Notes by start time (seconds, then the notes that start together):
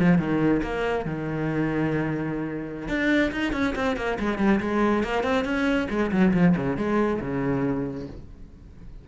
0.00 F3
0.19 D#3
0.63 A#3
1.06 D#3
2.89 D4
3.32 D#4
3.53 C#4
3.76 C4
3.97 A#3
4.20 G#3
4.39 G3
4.61 G#3
5.04 A#3
5.24 C4
5.45 C#4
5.90 G#3
6.12 F#3
6.34 F3
6.57 C#3
6.78 G#3
7.21 C#3